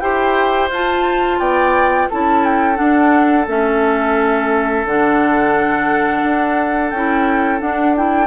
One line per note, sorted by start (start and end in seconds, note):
0.00 0.70 E4
0.00 0.70 G4
0.00 1.40 C5
0.00 0.69 G5
0.70 1.39 F4
0.70 2.12 F4
0.70 1.40 A5
1.39 2.08 B3
1.39 2.09 D5
1.39 2.09 G5
2.10 2.80 C#4
2.10 2.76 E4
2.10 8.27 A4
2.10 2.45 A5
2.45 2.77 G5
2.76 3.45 D4
2.76 3.47 D4
2.76 3.46 F#5
3.47 4.85 A3
3.47 4.87 C#4
3.47 4.86 E5
4.85 6.23 D3
4.85 6.95 D4
4.85 6.91 F#5
6.24 6.92 D4
6.91 7.61 C#4
6.91 7.60 E4
6.91 7.59 G5
7.60 7.95 D4
7.60 8.27 D4
7.60 7.95 F#5
7.96 8.27 E4
7.96 8.27 G5